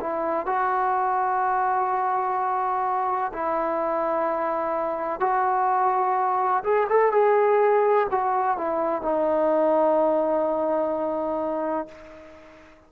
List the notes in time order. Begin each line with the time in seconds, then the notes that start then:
0.00 E4
0.46 F#4
3.32 E4
5.20 F#4
6.63 G#4
6.89 A4
7.12 G#4
8.10 F#4
8.57 E4
9.02 D#4